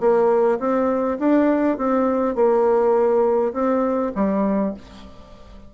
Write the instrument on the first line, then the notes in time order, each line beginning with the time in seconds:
bassoon
0.00 A#3
0.59 C4
1.19 D4
1.78 C4
2.35 A#3
3.53 C4
4.15 G3